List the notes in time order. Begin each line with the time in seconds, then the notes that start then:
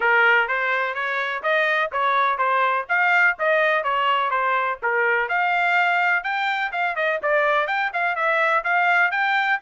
0.00 A#4
0.47 C5
0.94 C#5
1.42 D#5
1.92 C#5
2.38 C5
2.88 F5
3.38 D#5
3.83 C#5
4.30 C5
4.82 A#4
5.28 F5
6.23 G5
6.72 F5
6.95 D#5
7.22 D5
7.67 G5
7.93 F5
8.15 E5
8.64 F5
9.11 G5